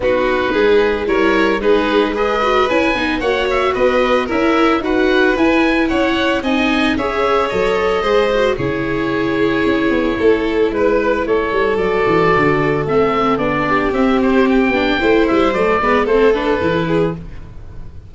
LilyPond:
<<
  \new Staff \with { instrumentName = "oboe" } { \time 4/4 \tempo 4 = 112 b'2 cis''4 b'4 | dis''4 gis''4 fis''8 e''8 dis''4 | e''4 fis''4 gis''4 fis''4 | gis''4 e''4 dis''2 |
cis''1 | b'4 cis''4 d''2 | e''4 d''4 e''8 c''8 g''4~ | g''8 e''8 d''4 c''8 b'4. | }
  \new Staff \with { instrumentName = "violin" } { \time 4/4 fis'4 gis'4 ais'4 gis'4 | b'2 cis''4 b'4 | ais'4 b'2 cis''4 | dis''4 cis''2 c''4 |
gis'2. a'4 | b'4 a'2.~ | a'4. g'2~ g'8 | c''4. b'8 a'4. gis'8 | }
  \new Staff \with { instrumentName = "viola" } { \time 4/4 dis'2 e'4 dis'4 | gis'8 fis'8 e'8 dis'8 fis'2 | e'4 fis'4 e'2 | dis'4 gis'4 a'4 gis'8 fis'8 |
e'1~ | e'2 fis'2 | c'4 d'4 c'4. d'8 | e'4 a8 b8 c'8 d'8 e'4 | }
  \new Staff \with { instrumentName = "tuba" } { \time 4/4 b4 gis4 g4 gis4~ | gis4 cis'8 b8 ais4 b4 | cis'4 dis'4 e'4 cis'4 | c'4 cis'4 fis4 gis4 |
cis2 cis'8 b8 a4 | gis4 a8 g8 fis8 e8 d4 | a4 b4 c'4. b8 | a8 g8 fis8 gis8 a4 e4 | }
>>